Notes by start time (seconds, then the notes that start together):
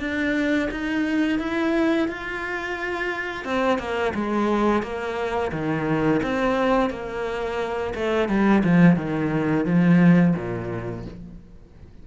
0.00 D4
0.71 D#4
1.39 E4
2.08 F4
3.45 C4
3.79 A#3
4.15 G#3
4.82 A#3
5.52 D#3
6.23 C4
6.91 A#3
7.95 A3
8.29 G3
8.64 F3
8.97 D#3
9.66 F3
10.36 A#2